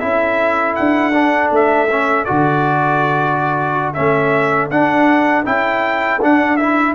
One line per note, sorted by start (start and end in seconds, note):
0.00 0.79 C#4
0.00 1.13 E4
0.00 6.95 A4
0.00 0.75 E5
0.76 1.51 D4
0.76 1.51 F#5
1.13 1.88 D4
1.51 2.26 A3
1.51 2.25 E5
1.91 2.27 C#4
2.25 3.99 D3
2.25 3.96 F#4
2.25 3.94 D5
3.94 4.71 A3
3.94 4.71 C#4
3.94 4.69 E5
4.71 5.46 D4
4.71 5.45 D4
4.71 5.46 F#5
5.45 6.22 C#4
5.45 6.20 E4
5.45 6.21 G5
6.22 6.96 D4
6.22 6.59 D4
6.22 6.57 F#5
6.57 6.96 E4
6.57 6.95 E5